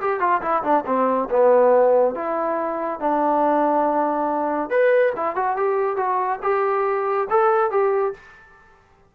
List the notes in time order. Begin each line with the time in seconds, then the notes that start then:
0.00 G4
0.19 F4
0.41 E4
0.63 D4
0.86 C4
1.30 B3
2.14 E4
3.00 D4
4.70 B4
5.16 E4
5.35 F#4
5.56 G4
5.96 F#4
6.42 G4
7.30 A4
7.71 G4